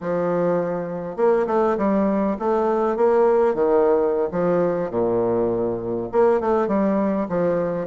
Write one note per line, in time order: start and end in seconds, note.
0.01 1.16 F3
1.16 1.46 A#3
1.47 1.76 A3
1.77 2.37 G3
2.39 2.96 A3
2.96 3.54 A#3
3.54 4.28 D#3
4.31 4.90 F3
4.90 6.09 A#2
6.12 6.40 A#3
6.40 6.67 A3
6.67 7.27 G3
7.28 7.87 F3